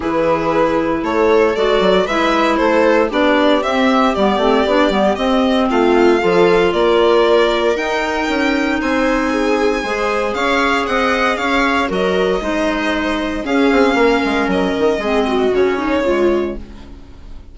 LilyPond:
<<
  \new Staff \with { instrumentName = "violin" } { \time 4/4 \tempo 4 = 116 b'2 cis''4 d''4 | e''4 c''4 d''4 e''4 | d''2 dis''4 f''4~ | f''4 d''2 g''4~ |
g''4 gis''2. | f''4 fis''4 f''4 dis''4~ | dis''2 f''2 | dis''2 cis''2 | }
  \new Staff \with { instrumentName = "viola" } { \time 4/4 gis'2 a'2 | b'4 a'4 g'2~ | g'2. f'4 | a'4 ais'2.~ |
ais'4 c''4 gis'4 c''4 | cis''4 dis''4 cis''4 ais'4 | c''2 gis'4 ais'4~ | ais'4 gis'8 fis'4 dis'8 f'4 | }
  \new Staff \with { instrumentName = "clarinet" } { \time 4/4 e'2. fis'4 | e'2 d'4 c'4 | b8 c'8 d'8 b8 c'2 | f'2. dis'4~ |
dis'2. gis'4~ | gis'2. fis'4 | dis'2 cis'2~ | cis'4 c'4 cis'4 gis4 | }
  \new Staff \with { instrumentName = "bassoon" } { \time 4/4 e2 a4 gis8 fis8 | gis4 a4 b4 c'4 | g8 a8 b8 g8 c'4 a4 | f4 ais2 dis'4 |
cis'4 c'2 gis4 | cis'4 c'4 cis'4 fis4 | gis2 cis'8 c'8 ais8 gis8 | fis8 dis8 gis4 cis2 | }
>>